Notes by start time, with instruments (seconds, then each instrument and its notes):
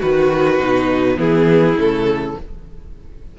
0.00 cello D#3, violin F#4 B4, viola F#4
0.59 cello B2, viola D#4
1.17 cello E3, viola B3, violin E4 G#4
1.76 cello C#3, viola A3, violin A4